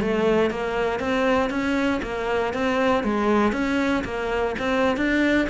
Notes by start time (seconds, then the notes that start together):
0.00 A3
0.50 A#3
0.99 C4
1.50 C#4
2.02 A#3
2.53 C4
3.03 G#3
3.52 C#4
4.04 A#3
4.58 C4
4.96 D4